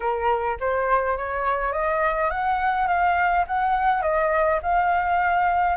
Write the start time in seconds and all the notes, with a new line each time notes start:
0.00 A#4
0.60 C5
1.17 C#5
1.72 D#5
2.30 F#5
2.87 F5
3.47 F#5
4.01 D#5
4.62 F5